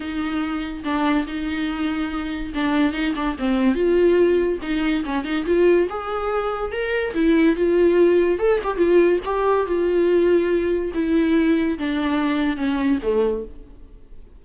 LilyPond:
\new Staff \with { instrumentName = "viola" } { \time 4/4 \tempo 4 = 143 dis'2 d'4 dis'4~ | dis'2 d'4 dis'8 d'8 | c'4 f'2 dis'4 | cis'8 dis'8 f'4 gis'2 |
ais'4 e'4 f'2 | a'8 g'8 f'4 g'4 f'4~ | f'2 e'2 | d'2 cis'4 a4 | }